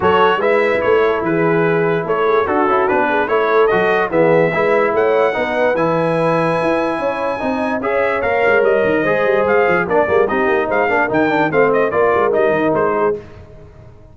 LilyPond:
<<
  \new Staff \with { instrumentName = "trumpet" } { \time 4/4 \tempo 4 = 146 cis''4 e''4 cis''4 b'4~ | b'4 cis''4 a'4 b'4 | cis''4 dis''4 e''2 | fis''2 gis''2~ |
gis''2. e''4 | f''4 dis''2 f''4 | d''4 dis''4 f''4 g''4 | f''8 dis''8 d''4 dis''4 c''4 | }
  \new Staff \with { instrumentName = "horn" } { \time 4/4 a'4 b'4. a'8 gis'4~ | gis'4 a'8 gis'8 fis'4. gis'8 | a'2 gis'4 b'4 | cis''4 b'2.~ |
b'4 cis''4 dis''4 cis''4~ | cis''2 c''2 | ais'8 gis'8 g'4 c''8 ais'4. | c''4 ais'2~ ais'8 gis'8 | }
  \new Staff \with { instrumentName = "trombone" } { \time 4/4 fis'4 e'2.~ | e'2 fis'8 e'8 d'4 | e'4 fis'4 b4 e'4~ | e'4 dis'4 e'2~ |
e'2 dis'4 gis'4 | ais'2 gis'2 | d'8 ais8 dis'4. d'8 dis'8 d'8 | c'4 f'4 dis'2 | }
  \new Staff \with { instrumentName = "tuba" } { \time 4/4 fis4 gis4 a4 e4~ | e4 a4 d'8 cis'8 b4 | a4 fis4 e4 gis4 | a4 b4 e2 |
e'4 cis'4 c'4 cis'4 | ais8 gis8 g8 dis8 gis8 g8 gis8 f8 | ais8 g8 c'8 ais8 gis8 ais8 dis4 | a4 ais8 gis8 g8 dis8 gis4 | }
>>